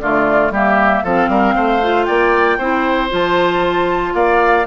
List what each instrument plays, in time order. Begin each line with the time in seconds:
0.00 bassoon D3, clarinet A3, oboe F4, flute D5
0.50 bassoon G3, clarinet A#3, oboe G4, flute E5
1.04 bassoon F3, clarinet C4, oboe A4, flute F5
1.28 bassoon G3, oboe A#4
1.55 bassoon A3, oboe C5
1.82 clarinet F4
2.04 bassoon A#3, oboe D5, flute G5
2.58 bassoon C4, clarinet E4, oboe C5
3.10 bassoon F3, clarinet F4, flute A5
4.14 bassoon A#3, oboe D5, flute F5